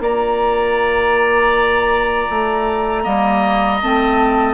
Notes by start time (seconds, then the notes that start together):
0.00 A#3 F4 D5 A#5
2.30 A3
3.02 G3 A#3 D#5
3.82 A3 C4 A5